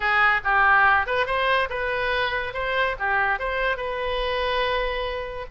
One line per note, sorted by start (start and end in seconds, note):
0.00 0.40 G#4
0.44 1.06 G4
1.06 1.26 B4
1.26 1.68 C5
1.69 2.53 B4
2.53 2.96 C5
2.99 3.39 G4
3.39 3.77 C5
3.77 5.46 B4